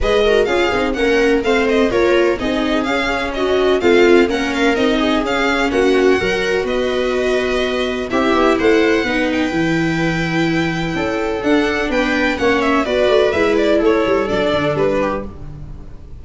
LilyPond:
<<
  \new Staff \with { instrumentName = "violin" } { \time 4/4 \tempo 4 = 126 dis''4 f''4 fis''4 f''8 dis''8 | cis''4 dis''4 f''4 dis''4 | f''4 fis''8 f''8 dis''4 f''4 | fis''2 dis''2~ |
dis''4 e''4 fis''4. g''8~ | g''1 | fis''4 g''4 fis''8 e''8 d''4 | e''8 d''8 cis''4 d''4 b'4 | }
  \new Staff \with { instrumentName = "viola" } { \time 4/4 b'8 ais'8 gis'4 ais'4 c''4 | ais'4 gis'2 fis'4 | f'4 ais'4. gis'4. | fis'4 ais'4 b'2~ |
b'4 g'4 c''4 b'4~ | b'2. a'4~ | a'4 b'4 cis''4 b'4~ | b'4 a'2~ a'8 g'8 | }
  \new Staff \with { instrumentName = "viola" } { \time 4/4 gis'8 fis'8 f'8 dis'8 cis'4 c'4 | f'4 dis'4 cis'2 | c'4 cis'4 dis'4 cis'4~ | cis'4 fis'2.~ |
fis'4 e'2 dis'4 | e'1 | d'2 cis'4 fis'4 | e'2 d'2 | }
  \new Staff \with { instrumentName = "tuba" } { \time 4/4 gis4 cis'8 c'8 ais4 a4 | ais4 c'4 cis'2 | a4 ais4 c'4 cis'4 | ais4 fis4 b2~ |
b4 c'8 b8 a4 b4 | e2. cis'4 | d'4 b4 ais4 b8 a8 | gis4 a8 g8 fis8 d8 g4 | }
>>